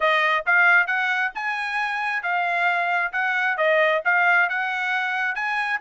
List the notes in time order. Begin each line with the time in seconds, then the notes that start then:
0.00 D#5
0.45 F5
0.86 F#5
1.35 G#5
2.22 F5
3.12 F#5
3.57 D#5
4.04 F5
4.49 F#5
5.35 G#5